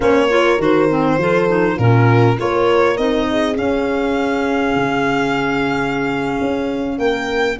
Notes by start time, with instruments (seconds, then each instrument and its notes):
0.00 tuba A#3, clarinet C#4, horn C5, violin C#5
0.29 clarinet F4, horn A#4
0.58 tuba D#3, clarinet F#4, violin C5
0.89 clarinet C4
1.17 tuba F3, clarinet F4, horn A4
1.48 clarinet D#4
1.75 tuba A#2, clarinet C#4, horn F4, violin A#4
2.37 tuba A#3, clarinet F4, horn A#4, violin C#5
2.97 tuba C4, clarinet D#4, violin D#5
3.30 horn G#4
3.54 clarinet C#4, tuba C#4, violin F5
4.75 tuba C#3
6.40 tuba C#4
6.97 tuba A#3, horn A#4, violin G5